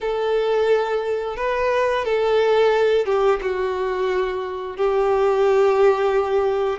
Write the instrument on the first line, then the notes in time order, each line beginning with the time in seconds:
violin
0.00 A4
1.36 B4
2.04 A4
3.05 G4
3.41 F#4
4.76 G4